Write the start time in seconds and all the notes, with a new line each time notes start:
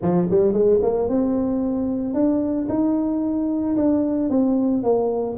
0.01 F3
0.30 G3
0.53 G#3
0.82 A#3
1.08 C4
2.14 D4
2.68 D#4
3.76 D4
4.29 C4
4.83 A#3